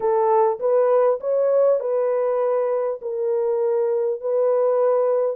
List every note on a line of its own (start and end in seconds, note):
0.00 0.59 A4
0.59 1.19 B4
1.20 1.80 C#5
1.80 3.00 B4
3.01 4.20 A#4
4.20 5.36 B4